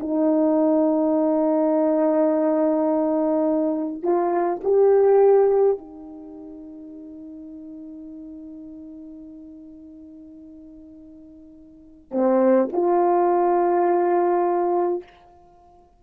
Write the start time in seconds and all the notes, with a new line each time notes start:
0.00 D#4
4.03 F4
4.64 G4
5.78 D#4
12.11 C4
12.72 F4